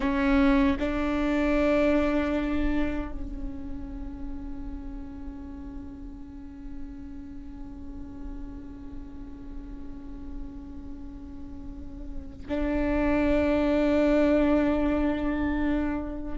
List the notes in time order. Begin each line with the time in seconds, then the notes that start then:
0.00 C#4
0.79 D4
3.12 C#4
12.48 D4